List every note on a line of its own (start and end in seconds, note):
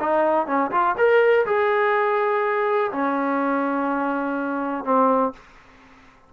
0.00 0.47 D#4
0.47 0.71 C#4
0.71 0.95 F4
0.97 1.46 A#4
1.46 2.91 G#4
2.92 4.85 C#4
4.85 5.33 C4